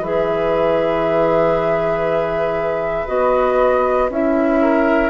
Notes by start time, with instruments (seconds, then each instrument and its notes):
0.00 bassoon E3, clarinet G#4, oboe B4, flute E5
3.07 bassoon B3, clarinet F#4, flute D#5
4.09 bassoon C#4, clarinet E4, flute E5
4.61 oboe A#4